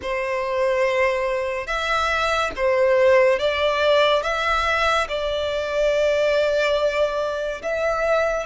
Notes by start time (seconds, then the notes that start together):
0.02 C5
1.66 E5
2.56 C5
3.39 D5
4.23 E5
5.08 D5
7.62 E5